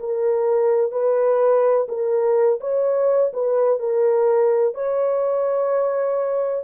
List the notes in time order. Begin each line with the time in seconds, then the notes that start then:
0.00 A#4
0.92 B4
1.89 A#4
2.61 C#5
3.33 B4
3.80 A#4
4.75 C#5